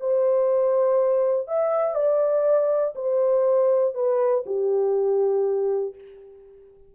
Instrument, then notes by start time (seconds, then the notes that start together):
horn
0.00 C5
1.47 E5
1.95 D5
2.95 C5
3.94 B4
4.46 G4